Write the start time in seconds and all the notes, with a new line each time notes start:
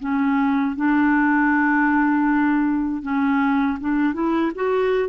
0.00 C#4
0.76 D4
3.02 C#4
3.80 D4
4.14 E4
4.55 F#4